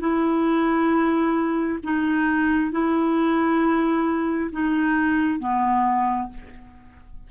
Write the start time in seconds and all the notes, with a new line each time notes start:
0.00 E4
1.84 D#4
2.72 E4
4.52 D#4
5.40 B3